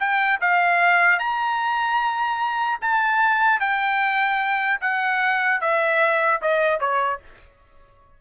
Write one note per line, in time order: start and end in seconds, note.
0.00 0.40 G5
0.41 1.20 F5
1.20 2.80 A#5
2.82 3.60 A5
3.60 4.80 G5
4.81 5.61 F#5
5.61 6.41 E5
6.42 6.81 D#5
6.81 7.21 C#5